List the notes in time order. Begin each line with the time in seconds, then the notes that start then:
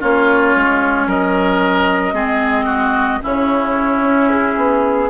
0.00 A#3 C#4 F4 C#5
0.55 G#3
1.06 F#3 A#4 D#5
2.13 G#3 C4 G#4
2.65 F#4
3.22 C#3 C#4 E4 C#5
4.02 C#4
4.30 G#4
4.56 B3